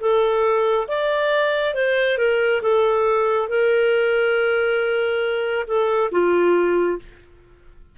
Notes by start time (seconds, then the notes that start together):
0.00 A4
0.87 D5
1.74 C5
2.17 A#4
2.61 A4
3.48 A#4
5.66 A4
6.11 F4